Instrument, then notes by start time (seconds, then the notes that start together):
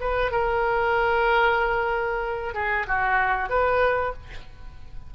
oboe
0.00 B4
0.31 A#4
2.54 G#4
2.87 F#4
3.49 B4